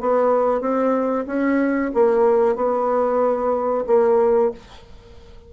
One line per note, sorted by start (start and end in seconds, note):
0.00 0.60 B3
0.60 1.25 C4
1.26 1.91 C#4
1.94 2.55 A#3
2.55 3.84 B3
3.87 4.51 A#3